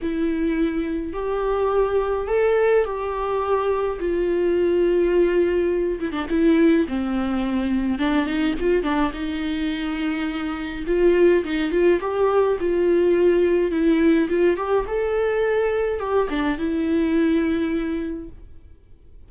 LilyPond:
\new Staff \with { instrumentName = "viola" } { \time 4/4 \tempo 4 = 105 e'2 g'2 | a'4 g'2 f'4~ | f'2~ f'8 e'16 d'16 e'4 | c'2 d'8 dis'8 f'8 d'8 |
dis'2. f'4 | dis'8 f'8 g'4 f'2 | e'4 f'8 g'8 a'2 | g'8 d'8 e'2. | }